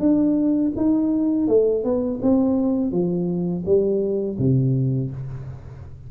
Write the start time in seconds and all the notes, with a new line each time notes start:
0.00 D4
0.77 D#4
1.48 A3
1.84 B3
2.22 C4
2.92 F3
3.66 G3
4.39 C3